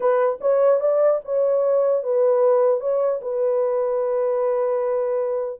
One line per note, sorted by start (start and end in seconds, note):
0.00 0.39 B4
0.40 0.80 C#5
0.80 1.20 D5
1.25 2.03 C#5
2.03 2.80 B4
2.80 3.20 C#5
3.21 5.60 B4